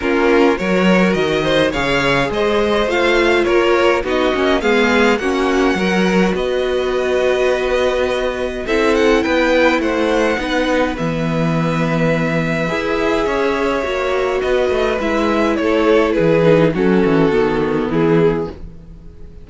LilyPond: <<
  \new Staff \with { instrumentName = "violin" } { \time 4/4 \tempo 4 = 104 ais'4 cis''4 dis''4 f''4 | dis''4 f''4 cis''4 dis''4 | f''4 fis''2 dis''4~ | dis''2. e''8 fis''8 |
g''4 fis''2 e''4~ | e''1~ | e''4 dis''4 e''4 cis''4 | b'4 a'2 gis'4 | }
  \new Staff \with { instrumentName = "violin" } { \time 4/4 f'4 ais'4. c''8 cis''4 | c''2 ais'4 fis'4 | gis'4 fis'4 ais'4 b'4~ | b'2. a'4 |
b'4 c''4 b'2~ | b'2. cis''4~ | cis''4 b'2 a'4 | gis'4 fis'2 e'4 | }
  \new Staff \with { instrumentName = "viola" } { \time 4/4 cis'4 fis'2 gis'4~ | gis'4 f'2 dis'8 cis'8 | b4 cis'4 fis'2~ | fis'2. e'4~ |
e'2 dis'4 b4~ | b2 gis'2 | fis'2 e'2~ | e'8 dis'8 cis'4 b2 | }
  \new Staff \with { instrumentName = "cello" } { \time 4/4 ais4 fis4 dis4 cis4 | gis4 a4 ais4 b8 ais8 | gis4 ais4 fis4 b4~ | b2. c'4 |
b4 a4 b4 e4~ | e2 e'4 cis'4 | ais4 b8 a8 gis4 a4 | e4 fis8 e8 dis4 e4 | }
>>